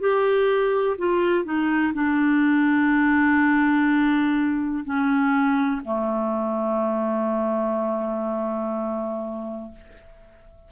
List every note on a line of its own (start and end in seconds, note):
0.00 0.97 G4
0.98 1.45 F4
1.45 1.93 D#4
1.94 4.84 D4
4.85 5.82 C#4
5.85 9.72 A3